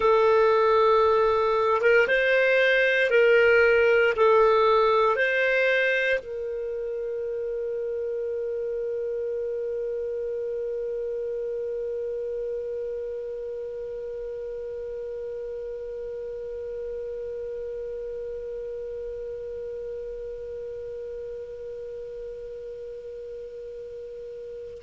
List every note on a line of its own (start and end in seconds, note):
0.00 1.81 A4
1.81 2.07 A#4
2.07 3.10 C5
3.10 4.13 A#4
4.16 5.15 A4
5.15 6.19 C5
6.19 24.81 A#4